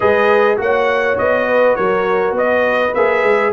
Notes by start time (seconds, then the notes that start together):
0.00 G#3 G#4 B4 D#5
0.56 A#3 F#4 C#5 F#5
1.17 B3 D#5
1.47 B4
1.75 F#3 A#4 C#5
2.31 B3 B4
2.37 D#5
2.94 A#3 G#4 E5
3.23 G#3